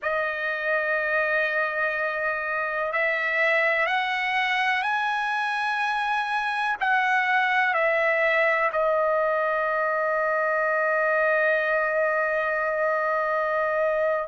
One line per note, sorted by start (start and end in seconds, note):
0.02 2.92 D#5
2.92 3.86 E5
3.86 4.82 F#5
4.82 6.75 G#5
6.80 7.74 F#5
7.74 8.71 E5
8.72 14.28 D#5